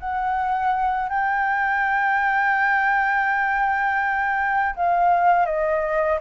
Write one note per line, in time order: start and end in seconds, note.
0.00 1.09 F#5
1.09 4.75 G5
4.76 5.46 F5
5.46 6.19 D#5